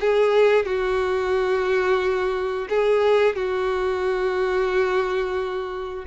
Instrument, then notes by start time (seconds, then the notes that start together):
violin
0.00 G#4
0.66 F#4
2.69 G#4
3.36 F#4